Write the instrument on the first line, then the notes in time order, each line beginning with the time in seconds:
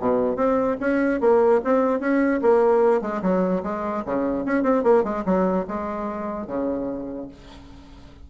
bassoon
0.00 B2
0.36 C4
0.80 C#4
1.21 A#3
1.65 C4
2.00 C#4
2.42 A#3
3.01 G#3
3.22 F#3
3.63 G#3
4.06 C#3
4.46 C#4
4.63 C4
4.84 A#3
5.04 G#3
5.26 F#3
5.68 G#3
6.47 C#3